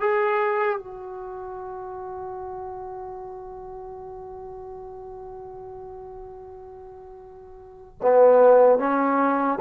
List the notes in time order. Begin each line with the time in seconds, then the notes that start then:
0.00 G#4
0.79 F#4
8.01 B3
8.79 C#4